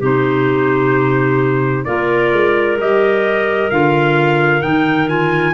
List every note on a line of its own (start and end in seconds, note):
0.00 1.86 C3
0.00 1.86 D#4
0.00 1.85 G4
0.00 1.85 C5
1.85 2.32 A#3
1.85 2.78 F4
1.85 5.54 A#4
1.85 2.77 D5
2.32 2.77 G#3
2.77 3.69 G3
2.77 3.70 G4
2.77 3.70 D#5
3.70 4.64 D3
3.70 4.61 F4
3.70 4.62 F5
4.61 5.54 D#3
4.61 5.07 D#4
4.61 5.08 G5
5.08 5.54 F4
5.08 5.54 G#5